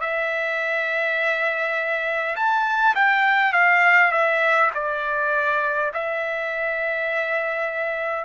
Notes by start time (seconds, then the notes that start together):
0.00 E5
2.36 A5
2.95 G5
3.52 F5
4.11 E5
4.74 D5
5.93 E5